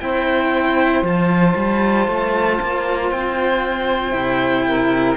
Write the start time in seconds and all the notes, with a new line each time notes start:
0.00 C4 E4 C5 G5
1.03 F3 F4 A5
1.56 G3
2.08 A3
2.61 A#3
3.11 C4 G5
4.12 C3 E4
4.67 A#4